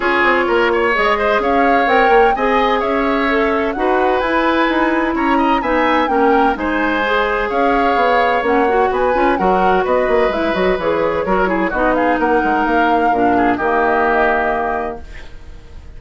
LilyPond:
<<
  \new Staff \with { instrumentName = "flute" } { \time 4/4 \tempo 4 = 128 cis''2 dis''4 f''4 | g''4 gis''4 e''2 | fis''4 gis''2 ais''4 | gis''4 g''4 gis''2 |
f''2 fis''4 gis''4 | fis''4 dis''4 e''8 dis''8 cis''4~ | cis''4 dis''8 f''8 fis''4 f''4~ | f''4 dis''2. | }
  \new Staff \with { instrumentName = "oboe" } { \time 4/4 gis'4 ais'8 cis''4 c''8 cis''4~ | cis''4 dis''4 cis''2 | b'2. cis''8 dis''8 | e''4 ais'4 c''2 |
cis''2. b'4 | ais'4 b'2. | ais'8 gis'8 fis'8 gis'8 ais'2~ | ais'8 gis'8 g'2. | }
  \new Staff \with { instrumentName = "clarinet" } { \time 4/4 f'2 gis'2 | ais'4 gis'2 a'4 | fis'4 e'2. | dis'4 cis'4 dis'4 gis'4~ |
gis'2 cis'8 fis'4 f'8 | fis'2 e'8 fis'8 gis'4 | fis'8 e'8 dis'2. | d'4 ais2. | }
  \new Staff \with { instrumentName = "bassoon" } { \time 4/4 cis'8 c'8 ais4 gis4 cis'4 | c'8 ais8 c'4 cis'2 | dis'4 e'4 dis'4 cis'4 | b4 ais4 gis2 |
cis'4 b4 ais4 b8 cis'8 | fis4 b8 ais8 gis8 fis8 e4 | fis4 b4 ais8 gis8 ais4 | ais,4 dis2. | }
>>